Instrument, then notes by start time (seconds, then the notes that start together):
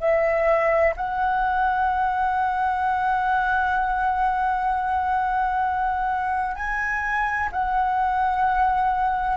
flute
0.00 E5
0.97 F#5
6.56 G#5
7.53 F#5